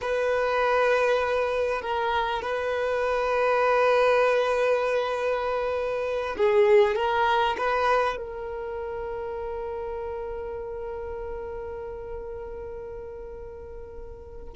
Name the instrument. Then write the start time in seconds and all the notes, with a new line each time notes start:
violin
0.01 B4
1.81 A#4
2.42 B4
6.37 G#4
6.95 A#4
7.57 B4
8.17 A#4